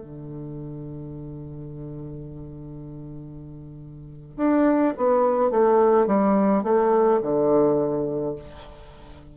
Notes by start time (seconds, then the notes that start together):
0.00 D3
4.37 D4
4.97 B3
5.51 A3
6.07 G3
6.63 A3
7.22 D3